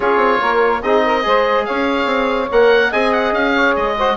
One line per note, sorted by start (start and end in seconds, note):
0.00 0.16 C#4
0.00 0.81 F4
0.00 0.40 G#4
0.00 0.82 C#5
0.16 0.37 C4
0.41 0.83 A#3
0.41 0.83 A#4
0.82 1.24 C4
0.82 1.23 D#4
0.82 1.03 G#4
0.82 1.65 D#5
1.05 1.26 A#4
1.23 1.67 G#3
1.23 2.48 G#4
1.23 1.66 C5
1.65 2.05 C#4
1.65 2.90 C#5
1.65 2.48 F5
2.05 2.47 C4
2.51 2.93 A#3
2.51 2.92 A#4
2.51 2.92 F#5
2.90 3.32 C4
2.90 3.96 G#4
2.90 3.53 D#5
2.90 3.12 G#5
3.12 3.33 F#5
3.32 3.74 C#4
3.32 3.75 F5
3.54 3.96 C#5
3.76 4.16 G#3
3.76 4.16 D#5
3.98 4.16 F#4
3.98 4.16 C5